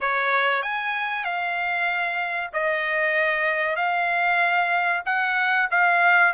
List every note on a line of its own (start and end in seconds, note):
0.00 0.62 C#5
0.62 1.24 G#5
1.24 2.50 F5
2.53 3.76 D#5
3.76 5.02 F5
5.05 5.68 F#5
5.70 6.33 F5